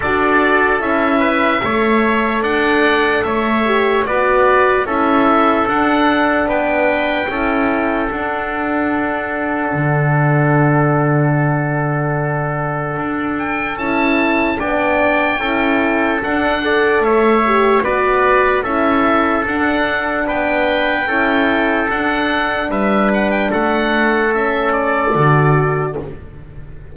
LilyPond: <<
  \new Staff \with { instrumentName = "oboe" } { \time 4/4 \tempo 4 = 74 d''4 e''2 fis''4 | e''4 d''4 e''4 fis''4 | g''2 fis''2~ | fis''1~ |
fis''8 g''8 a''4 g''2 | fis''4 e''4 d''4 e''4 | fis''4 g''2 fis''4 | e''8 fis''16 g''16 fis''4 e''8 d''4. | }
  \new Staff \with { instrumentName = "trumpet" } { \time 4/4 a'4. b'8 cis''4 d''4 | cis''4 b'4 a'2 | b'4 a'2.~ | a'1~ |
a'2 d''4 a'4~ | a'8 d''8 cis''4 b'4 a'4~ | a'4 b'4 a'2 | b'4 a'2. | }
  \new Staff \with { instrumentName = "horn" } { \time 4/4 fis'4 e'4 a'2~ | a'8 g'8 fis'4 e'4 d'4~ | d'4 e'4 d'2~ | d'1~ |
d'4 e'4 d'4 e'4 | d'8 a'4 g'8 fis'4 e'4 | d'2 e'4 d'4~ | d'2 cis'4 fis'4 | }
  \new Staff \with { instrumentName = "double bass" } { \time 4/4 d'4 cis'4 a4 d'4 | a4 b4 cis'4 d'4 | b4 cis'4 d'2 | d1 |
d'4 cis'4 b4 cis'4 | d'4 a4 b4 cis'4 | d'4 b4 cis'4 d'4 | g4 a2 d4 | }
>>